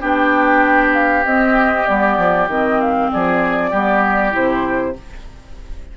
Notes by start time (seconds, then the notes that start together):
0.00 B3 D4 G4 G5
0.94 F5
1.25 C4 D#5
1.86 G3 B3 D5
2.17 F3
2.47 D#3 C4 D#5
2.80 F5
3.12 F3 G#4 D5
3.70 G3 B3 G4
4.31 C3 E4 C5